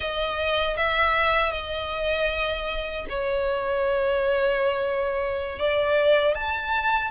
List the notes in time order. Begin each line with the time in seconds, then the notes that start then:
0.00 D#5
0.76 E5
1.51 D#5
3.09 C#5
5.58 D5
6.35 A5